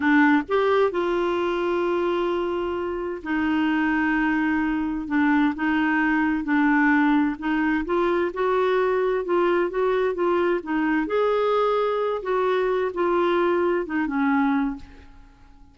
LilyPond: \new Staff \with { instrumentName = "clarinet" } { \time 4/4 \tempo 4 = 130 d'4 g'4 f'2~ | f'2. dis'4~ | dis'2. d'4 | dis'2 d'2 |
dis'4 f'4 fis'2 | f'4 fis'4 f'4 dis'4 | gis'2~ gis'8 fis'4. | f'2 dis'8 cis'4. | }